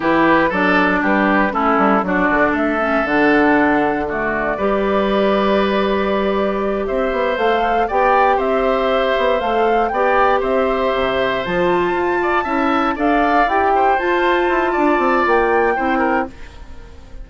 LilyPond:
<<
  \new Staff \with { instrumentName = "flute" } { \time 4/4 \tempo 4 = 118 b'4 d''4 b'4 a'4 | d''4 e''4 fis''2 | d''1~ | d''4. e''4 f''4 g''8~ |
g''8 e''2 f''4 g''8~ | g''8 e''2 a''4.~ | a''4. f''4 g''4 a''8~ | a''2 g''2 | }
  \new Staff \with { instrumentName = "oboe" } { \time 4/4 g'4 a'4 g'4 e'4 | fis'4 a'2. | fis'4 b'2.~ | b'4. c''2 d''8~ |
d''8 c''2. d''8~ | d''8 c''2.~ c''8 | d''8 e''4 d''4. c''4~ | c''4 d''2 c''8 ais'8 | }
  \new Staff \with { instrumentName = "clarinet" } { \time 4/4 e'4 d'2 cis'4 | d'4. cis'8 d'2 | a4 g'2.~ | g'2~ g'8 a'4 g'8~ |
g'2~ g'8 a'4 g'8~ | g'2~ g'8 f'4.~ | f'8 e'4 a'4 g'4 f'8~ | f'2. e'4 | }
  \new Staff \with { instrumentName = "bassoon" } { \time 4/4 e4 fis4 g4 a8 g8 | fis8 d8 a4 d2~ | d4 g2.~ | g4. c'8 b8 a4 b8~ |
b8 c'4. b8 a4 b8~ | b8 c'4 c4 f4 f'8~ | f'8 cis'4 d'4 e'4 f'8~ | f'8 e'8 d'8 c'8 ais4 c'4 | }
>>